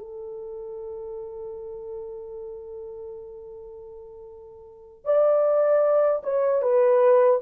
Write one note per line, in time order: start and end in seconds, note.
0.00 5.05 A4
5.05 6.22 D5
6.24 6.62 C#5
6.62 7.40 B4